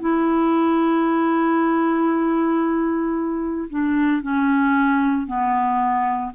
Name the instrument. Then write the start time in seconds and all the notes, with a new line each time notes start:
clarinet
0.00 E4
3.70 D4
4.22 C#4
5.27 B3